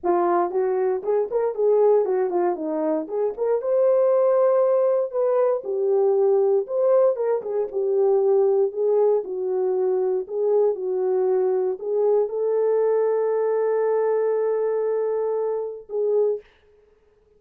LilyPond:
\new Staff \with { instrumentName = "horn" } { \time 4/4 \tempo 4 = 117 f'4 fis'4 gis'8 ais'8 gis'4 | fis'8 f'8 dis'4 gis'8 ais'8 c''4~ | c''2 b'4 g'4~ | g'4 c''4 ais'8 gis'8 g'4~ |
g'4 gis'4 fis'2 | gis'4 fis'2 gis'4 | a'1~ | a'2. gis'4 | }